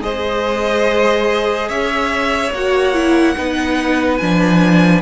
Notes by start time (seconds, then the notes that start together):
0.00 G#3 G#4 C5 D#5
1.68 C#4 C#5 E5
2.52 A#3 F#4 F#5
2.93 E4
3.36 B3 D#4 B4
4.18 F3 D4 G#5